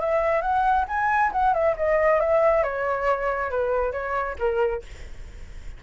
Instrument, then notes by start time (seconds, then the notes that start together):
flute
0.00 E5
0.42 F#5
0.88 G#5
1.32 F#5
1.54 E5
1.77 D#5
2.20 E5
2.63 C#5
3.50 B4
3.92 C#5
4.39 A#4